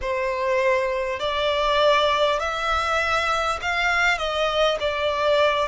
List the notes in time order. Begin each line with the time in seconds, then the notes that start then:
0.01 C5
1.19 D5
2.39 E5
3.61 F5
4.17 D#5
4.79 D5